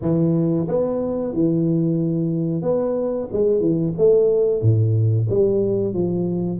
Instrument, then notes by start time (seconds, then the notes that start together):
tuba
0.01 E3
0.67 B3
1.33 E3
2.62 B3
3.32 G#3
3.60 E3
3.97 A3
4.61 A2
5.29 G3
5.93 F3